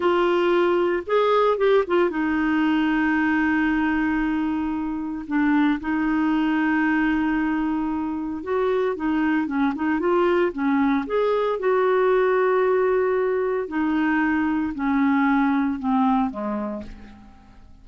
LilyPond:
\new Staff \with { instrumentName = "clarinet" } { \time 4/4 \tempo 4 = 114 f'2 gis'4 g'8 f'8 | dis'1~ | dis'2 d'4 dis'4~ | dis'1 |
fis'4 dis'4 cis'8 dis'8 f'4 | cis'4 gis'4 fis'2~ | fis'2 dis'2 | cis'2 c'4 gis4 | }